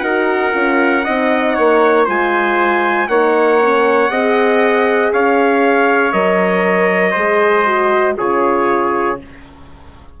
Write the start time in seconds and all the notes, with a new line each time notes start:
0.00 D#4 F#4 A#4 F#5
0.52 C#4 F4
1.04 C4 D#4 D#5
1.54 A#3 C#5
2.05 G#3 F4 C5 G#5
3.08 A#3 D#4 C#5 F#5
3.60 C#4
4.09 C4 G#4 D#5
5.12 C#4 C#5 F5
6.12 F#3 A#4 D#5
7.11 G#3 G#4 C5
7.65 F#4
8.16 C#3 F4 G#4 C#5